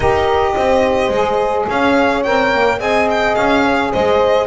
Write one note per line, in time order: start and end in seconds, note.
0.00 0.54 D#4
0.00 1.12 G4
0.00 0.54 A#4
0.00 1.67 D#5
0.56 1.09 C4
0.56 1.68 C5
1.09 1.65 G#3
1.09 2.24 G#4
1.68 2.25 C#4
1.68 2.79 C#5
1.68 2.23 F5
2.23 2.53 C4
2.23 2.78 A#4
2.23 2.79 G5
2.53 2.79 A#3
2.78 3.35 C4
2.78 4.46 G#4
2.78 3.63 D#5
2.78 3.08 G#5
3.10 3.35 G5
3.35 3.93 C#4
3.35 3.91 F5
3.64 3.92 C#5
3.92 4.46 G#3
3.92 4.46 C5
3.92 4.46 D#5